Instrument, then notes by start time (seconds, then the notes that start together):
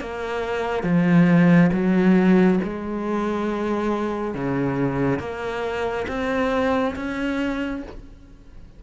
cello
0.00 A#3
0.83 F3
1.73 F#3
2.64 G#3
4.34 C#3
5.19 A#3
6.08 C4
6.96 C#4